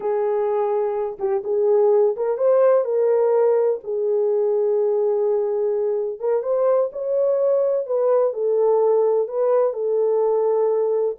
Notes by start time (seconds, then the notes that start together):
0.00 G#4
1.19 G4
1.44 G#4
2.16 A#4
2.37 C5
2.84 A#4
3.83 G#4
6.19 A#4
6.43 C5
6.92 C#5
7.86 B4
8.33 A4
9.27 B4
9.73 A4